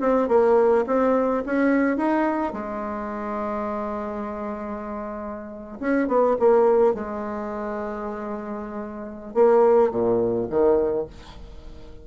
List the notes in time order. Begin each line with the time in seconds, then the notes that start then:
0.00 C4
0.28 A#3
0.87 C4
1.46 C#4
1.97 D#4
2.53 G#3
5.80 C#4
6.08 B3
6.39 A#3
6.94 G#3
9.34 A#3
9.91 A#2
10.50 D#3